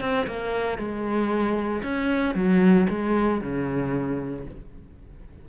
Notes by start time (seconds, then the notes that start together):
0.00 C4
0.27 A#3
0.78 G#3
1.83 C#4
2.35 F#3
2.89 G#3
3.41 C#3